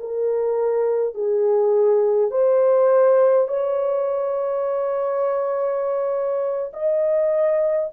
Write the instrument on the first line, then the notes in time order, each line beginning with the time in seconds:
horn
0.00 A#4
1.15 G#4
2.32 C5
3.49 C#5
6.74 D#5